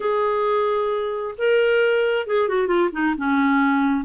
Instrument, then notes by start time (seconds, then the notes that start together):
clarinet
0.00 G#4
1.37 A#4
2.27 G#4
2.48 F#4
2.67 F4
2.92 D#4
3.17 C#4